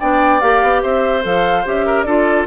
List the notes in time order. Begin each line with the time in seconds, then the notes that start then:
0.00 B3 D4 D5 G5
0.40 A#3 G4 F5
0.62 B3
0.82 C4 C5 E5
1.22 F3 A4 F5
1.65 C#4 G4 E5
1.86 A#4
2.02 D4 F4 A4 D5